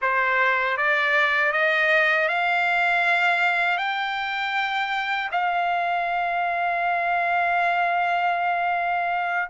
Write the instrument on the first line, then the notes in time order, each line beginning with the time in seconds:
trumpet
0.01 C5
0.77 D5
1.52 D#5
2.28 F5
3.77 G5
5.31 F5